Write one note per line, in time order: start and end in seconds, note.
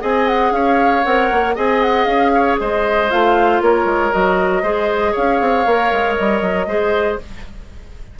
0.00 0.51 C4
0.00 1.03 G#4
0.00 0.52 D#5
0.00 0.27 G#5
0.27 0.52 F#5
0.51 1.02 C#4
0.51 1.55 C#5
0.51 1.04 F5
1.04 1.31 C4
1.04 1.55 A#4
1.04 1.55 F#5
1.31 1.56 A#3
1.55 2.06 C4
1.55 3.09 G#4
1.55 2.32 D#5
1.55 1.82 G#5
1.82 2.04 F#5
2.04 2.57 C#4
2.04 2.56 F5
2.34 2.60 C#5
2.60 3.11 G#3
2.60 3.63 C5
2.60 3.10 D#5
3.10 3.61 A3
3.10 4.11 F4
3.10 3.62 F5
3.61 3.85 A#3
3.61 4.62 A#4
3.61 4.12 C#5
3.85 4.10 G#3
4.11 4.62 F#3
4.11 4.63 F#4
4.11 5.15 D#5
4.62 5.14 G#3
4.62 5.66 G#4
4.62 5.12 C5
5.12 5.40 C#4
5.12 6.66 C#5
5.12 6.15 F5
5.40 5.66 C4
5.66 5.91 A#3
5.66 6.68 A#4
5.92 6.17 G#3
6.15 6.41 G3
6.15 7.18 D#5
6.41 6.67 F#3
6.67 7.18 G#3
6.67 7.19 G#4
6.67 7.19 C5